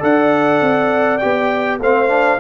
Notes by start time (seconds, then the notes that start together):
0.00 D4 A4 D5 F#5
0.61 C4
1.18 B3 G4 G5
1.79 A3 C4 C5 F5
2.08 D4